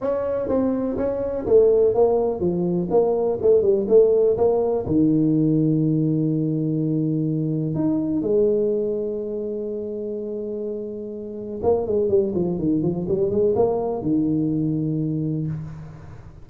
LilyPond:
\new Staff \with { instrumentName = "tuba" } { \time 4/4 \tempo 4 = 124 cis'4 c'4 cis'4 a4 | ais4 f4 ais4 a8 g8 | a4 ais4 dis2~ | dis1 |
dis'4 gis2.~ | gis1 | ais8 gis8 g8 f8 dis8 f8 g8 gis8 | ais4 dis2. | }